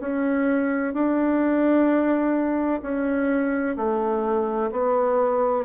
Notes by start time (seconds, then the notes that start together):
0.00 C#4
0.93 D4
2.82 C#4
3.77 A3
4.71 B3